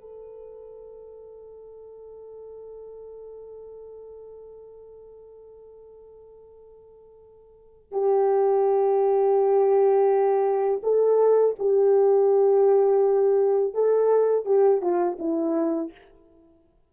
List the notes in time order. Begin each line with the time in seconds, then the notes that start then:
0.00 A4
7.92 G4
10.83 A4
11.59 G4
13.73 A4
14.45 G4
14.81 F4
15.19 E4